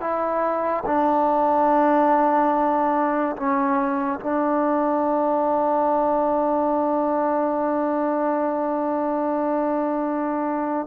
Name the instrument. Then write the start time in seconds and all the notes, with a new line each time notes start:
trombone
0.00 E4
0.86 D4
3.36 C#4
4.20 D4